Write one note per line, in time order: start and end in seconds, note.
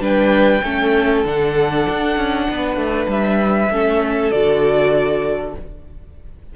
0.00 0.61 G3
0.00 0.61 D4
0.00 0.63 B4
0.00 1.27 G5
0.63 1.24 A3
0.63 1.26 C#4
0.63 2.47 A4
1.26 1.87 D3
1.26 3.70 D4
1.26 3.11 F#5
1.89 2.17 D4
2.17 2.48 C#4
2.50 2.77 B3
2.50 3.72 B4
2.77 3.07 A3
3.08 3.69 G3
3.08 4.32 E5
3.70 4.31 A3
3.70 4.32 C#4
3.70 5.56 A4
4.32 5.56 D3
4.32 5.55 F#4
4.32 5.54 D5